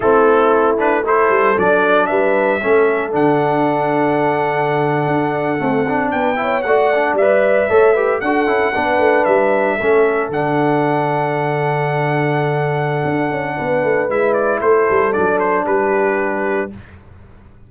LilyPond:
<<
  \new Staff \with { instrumentName = "trumpet" } { \time 4/4 \tempo 4 = 115 a'4. b'8 c''4 d''4 | e''2 fis''2~ | fis''2.~ fis''8. g''16~ | g''8. fis''4 e''2 fis''16~ |
fis''4.~ fis''16 e''2 fis''16~ | fis''1~ | fis''2. e''8 d''8 | c''4 d''8 c''8 b'2 | }
  \new Staff \with { instrumentName = "horn" } { \time 4/4 e'2 a'2 | b'4 a'2.~ | a'2.~ a'8. b'16~ | b'16 cis''8 d''2 cis''8 b'8 a'16~ |
a'8. b'2 a'4~ a'16~ | a'1~ | a'2 b'2 | a'2 g'2 | }
  \new Staff \with { instrumentName = "trombone" } { \time 4/4 c'4. d'8 e'4 d'4~ | d'4 cis'4 d'2~ | d'2~ d'8. a8 d'8.~ | d'16 e'8 fis'8 d'8 b'4 a'8 g'8 fis'16~ |
fis'16 e'8 d'2 cis'4 d'16~ | d'1~ | d'2. e'4~ | e'4 d'2. | }
  \new Staff \with { instrumentName = "tuba" } { \time 4/4 a2~ a8 g8 fis4 | g4 a4 d2~ | d4.~ d16 d'4 c'4 b16~ | b8. a4 g4 a4 d'16~ |
d'16 cis'8 b8 a8 g4 a4 d16~ | d1~ | d4 d'8 cis'8 b8 a8 gis4 | a8 g8 fis4 g2 | }
>>